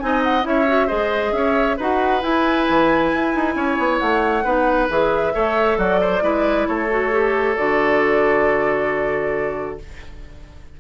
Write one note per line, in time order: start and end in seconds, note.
0.00 0.45 C4
0.00 0.43 D#4
0.00 0.49 D#5
0.00 0.22 G#5
0.24 0.46 F#5
0.43 0.89 C#4
0.43 0.65 E4
0.43 0.87 C#5
0.43 0.89 E5
0.68 0.88 F#4
0.87 1.32 G#3
0.87 1.77 G#4
0.87 1.32 C5
0.87 1.33 D#5
1.32 1.77 C#4
1.32 1.77 C#5
1.32 1.77 E5
1.77 2.23 D#4
1.77 2.21 F#4
1.77 3.55 B4
1.77 2.23 F#5
2.21 4.44 E4
2.21 2.68 E4
2.21 3.99 G#5
2.69 3.13 E3
3.13 3.35 E4
3.36 3.55 D#4
3.55 3.78 C#4
3.55 4.44 C#5
3.79 4.01 B3
3.99 4.45 A3
3.99 4.87 F#5
4.44 4.89 B3
4.44 4.90 D#4
4.44 5.33 B4
4.90 5.35 E3
4.90 5.33 G#4
4.90 5.79 E5
5.33 5.78 A3
5.33 6.22 A4
5.33 5.78 C#5
5.78 6.22 F#3
5.78 6.01 F#4
5.78 6.68 D5
6.01 6.23 C5
6.22 6.67 G#3
6.22 6.88 E4
6.22 6.68 B4
6.68 7.58 A3
6.68 9.80 A4
6.68 7.56 C#5
6.90 7.12 F#4
7.12 7.56 G4
7.56 9.80 D3
7.56 9.79 F#4
7.56 9.78 D5